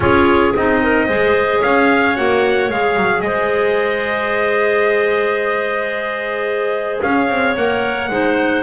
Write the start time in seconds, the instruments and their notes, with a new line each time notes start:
0.00 double bass C#4, clarinet F4 G#4, trumpet C#5
0.55 double bass C4, clarinet D#4, trumpet D#5
0.82 clarinet A#4
1.06 double bass G#3, clarinet G#4 C5
1.59 double bass C#4, clarinet C#5, trumpet F5
2.15 double bass A#3, clarinet F#4, trumpet F#5
2.69 double bass G#3, clarinet G#4, trumpet F5
2.96 double bass F#3
3.21 double bass G#3, clarinet C5, trumpet D#5
7.01 double bass C#4, clarinet C#5, trumpet F5
7.29 double bass C4
7.56 double bass A#3, clarinet A#4, trumpet F#5
8.09 double bass G#3, clarinet D#4 C5